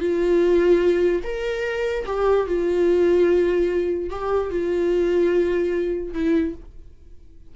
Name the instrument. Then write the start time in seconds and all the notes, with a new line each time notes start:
viola
0.00 F4
1.24 A#4
2.06 G4
2.47 F4
4.10 G4
4.50 F4
6.14 E4